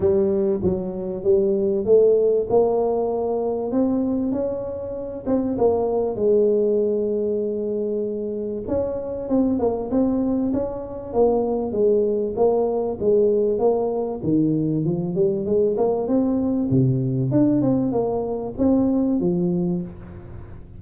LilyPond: \new Staff \with { instrumentName = "tuba" } { \time 4/4 \tempo 4 = 97 g4 fis4 g4 a4 | ais2 c'4 cis'4~ | cis'8 c'8 ais4 gis2~ | gis2 cis'4 c'8 ais8 |
c'4 cis'4 ais4 gis4 | ais4 gis4 ais4 dis4 | f8 g8 gis8 ais8 c'4 c4 | d'8 c'8 ais4 c'4 f4 | }